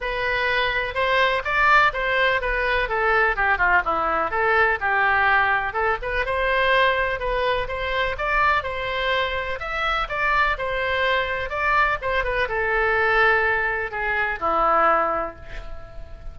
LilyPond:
\new Staff \with { instrumentName = "oboe" } { \time 4/4 \tempo 4 = 125 b'2 c''4 d''4 | c''4 b'4 a'4 g'8 f'8 | e'4 a'4 g'2 | a'8 b'8 c''2 b'4 |
c''4 d''4 c''2 | e''4 d''4 c''2 | d''4 c''8 b'8 a'2~ | a'4 gis'4 e'2 | }